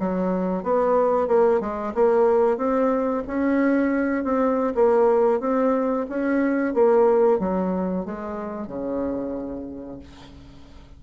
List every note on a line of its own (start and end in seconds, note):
0.00 0.64 F#3
0.64 1.28 B3
1.28 1.61 A#3
1.61 1.94 G#3
1.95 2.58 A#3
2.58 3.24 C4
3.28 4.24 C#4
4.24 4.74 C4
4.75 5.40 A#3
5.40 6.06 C4
6.10 6.75 C#4
6.75 7.40 A#3
7.40 8.06 F#3
8.06 8.68 G#3
8.68 9.99 C#3